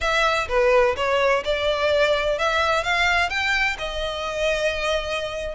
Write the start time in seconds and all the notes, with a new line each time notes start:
0.00 E5
0.48 B4
0.96 C#5
1.44 D5
2.38 E5
2.83 F5
3.29 G5
3.78 D#5